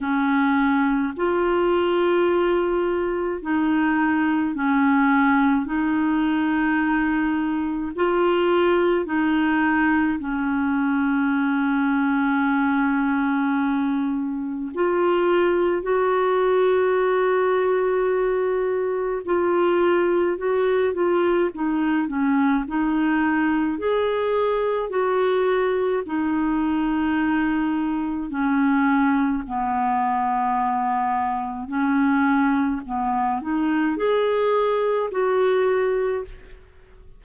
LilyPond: \new Staff \with { instrumentName = "clarinet" } { \time 4/4 \tempo 4 = 53 cis'4 f'2 dis'4 | cis'4 dis'2 f'4 | dis'4 cis'2.~ | cis'4 f'4 fis'2~ |
fis'4 f'4 fis'8 f'8 dis'8 cis'8 | dis'4 gis'4 fis'4 dis'4~ | dis'4 cis'4 b2 | cis'4 b8 dis'8 gis'4 fis'4 | }